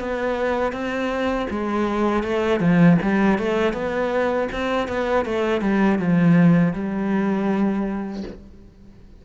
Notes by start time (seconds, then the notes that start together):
0.00 B3
0.73 C4
1.50 G#3
2.23 A3
2.60 F3
3.02 G3
3.39 A3
3.74 B3
4.52 C4
4.88 B3
5.26 A3
5.61 G3
5.99 F3
6.73 G3